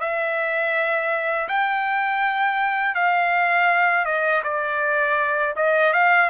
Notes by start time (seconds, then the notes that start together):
0.00 E5
1.48 G5
2.95 F5
4.05 D#5
4.43 D5
5.56 D#5
5.93 F5